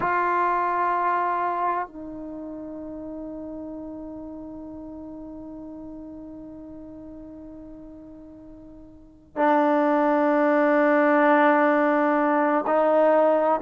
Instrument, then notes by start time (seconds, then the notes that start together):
trombone
0.00 F4
1.87 D#4
9.36 D4
12.66 D#4